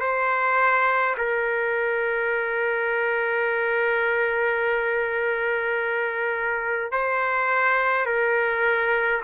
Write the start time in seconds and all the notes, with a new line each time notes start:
0.00 C5
1.17 A#4
6.92 C5
8.06 A#4